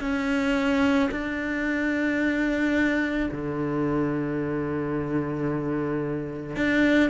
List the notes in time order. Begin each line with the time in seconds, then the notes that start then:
0.00 C#4
1.12 D4
3.31 D3
6.56 D4